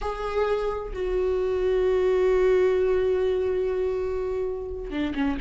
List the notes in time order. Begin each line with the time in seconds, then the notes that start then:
0.01 G#4
0.93 F#4
4.90 D4
5.14 C#4